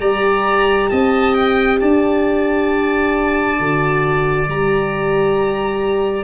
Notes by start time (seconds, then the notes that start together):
0.00 G3 G4 D5 A#5
0.90 C4 D#5 A5
1.34 G5
1.80 D4 D5 A5
3.59 D3 F#4
4.48 G3 G4 A#5